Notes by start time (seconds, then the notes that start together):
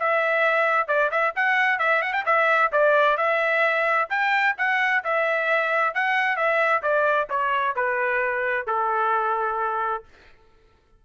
0.00 E5
0.88 D5
1.12 E5
1.36 F#5
1.79 E5
2.03 F#5
2.13 G5
2.26 E5
2.72 D5
3.17 E5
4.10 G5
4.58 F#5
5.04 E5
5.95 F#5
6.37 E5
6.83 D5
7.30 C#5
7.76 B4
8.67 A4